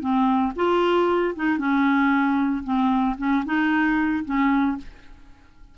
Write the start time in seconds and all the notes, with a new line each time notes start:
0.00 C4
0.56 F4
1.35 D#4
1.58 C#4
2.64 C4
3.18 C#4
3.45 D#4
4.25 C#4